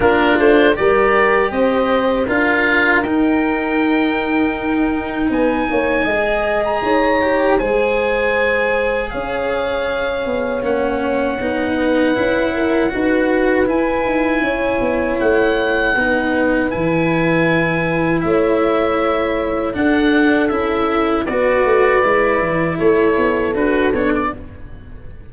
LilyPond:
<<
  \new Staff \with { instrumentName = "oboe" } { \time 4/4 \tempo 4 = 79 ais'8 c''8 d''4 dis''4 f''4 | g''2. gis''4~ | gis''8. ais''4~ ais''16 gis''2 | f''2 fis''2~ |
fis''2 gis''2 | fis''2 gis''2 | e''2 fis''4 e''4 | d''2 cis''4 b'8 cis''16 d''16 | }
  \new Staff \with { instrumentName = "horn" } { \time 4/4 f'4 ais'4 c''4 ais'4~ | ais'2. b'8 cis''8 | dis''4 cis''4 c''2 | cis''2.~ cis''8 b'8~ |
b'8 ais'8 b'2 cis''4~ | cis''4 b'2. | cis''2 a'2 | b'2 a'2 | }
  \new Staff \with { instrumentName = "cello" } { \time 4/4 d'4 g'2 f'4 | dis'1 | gis'4. g'8 gis'2~ | gis'2 cis'4 dis'4 |
e'4 fis'4 e'2~ | e'4 dis'4 e'2~ | e'2 d'4 e'4 | fis'4 e'2 fis'8 d'8 | }
  \new Staff \with { instrumentName = "tuba" } { \time 4/4 ais8 a8 g4 c'4 d'4 | dis'2. b8 ais8 | gis4 dis'4 gis2 | cis'4. b8 ais4 b4 |
cis'4 dis'4 e'8 dis'8 cis'8 b8 | a4 b4 e2 | a2 d'4 cis'4 | b8 a8 gis8 e8 a8 b8 d'8 b8 | }
>>